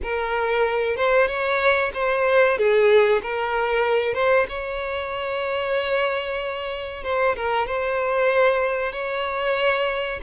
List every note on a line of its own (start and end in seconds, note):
0.02 0.96 A#4
0.96 1.27 C5
1.27 1.91 C#5
1.94 2.57 C5
2.57 3.21 G#4
3.22 4.13 A#4
4.13 4.45 C5
4.48 7.03 C#5
7.03 7.35 C5
7.36 7.66 A#4
7.66 8.92 C5
8.92 10.20 C#5